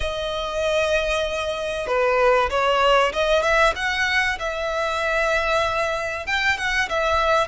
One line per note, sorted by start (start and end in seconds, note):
0.00 1.87 D#5
1.87 2.49 B4
2.50 3.12 C#5
3.12 3.42 D#5
3.42 3.73 E5
3.75 4.38 F#5
4.39 6.26 E5
6.26 6.57 G5
6.57 6.88 F#5
6.89 7.47 E5